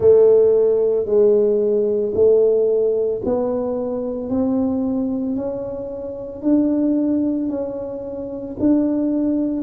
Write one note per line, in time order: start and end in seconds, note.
0.00 1.05 A3
1.05 2.12 G#3
2.14 3.21 A3
3.24 4.29 B3
4.29 5.36 C4
5.36 6.41 C#4
6.41 7.49 D4
7.49 8.56 C#4
8.59 9.63 D4